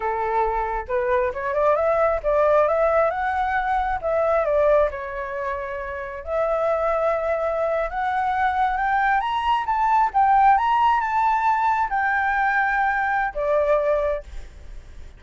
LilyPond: \new Staff \with { instrumentName = "flute" } { \time 4/4 \tempo 4 = 135 a'2 b'4 cis''8 d''8 | e''4 d''4 e''4 fis''4~ | fis''4 e''4 d''4 cis''4~ | cis''2 e''2~ |
e''4.~ e''16 fis''2 g''16~ | g''8. ais''4 a''4 g''4 ais''16~ | ais''8. a''2 g''4~ g''16~ | g''2 d''2 | }